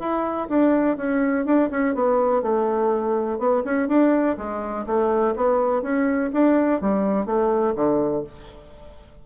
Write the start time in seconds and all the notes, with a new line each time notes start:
0.00 E4
0.49 D4
0.97 C#4
1.46 D4
1.71 C#4
1.95 B3
2.43 A3
3.39 B3
3.65 C#4
3.89 D4
4.38 G#3
4.87 A3
5.36 B3
5.83 C#4
6.33 D4
6.81 G3
7.26 A3
7.76 D3